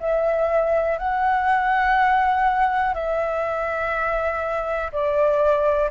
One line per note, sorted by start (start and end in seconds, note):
0.00 0.98 E5
0.98 2.94 F#5
2.94 4.91 E5
4.92 5.91 D5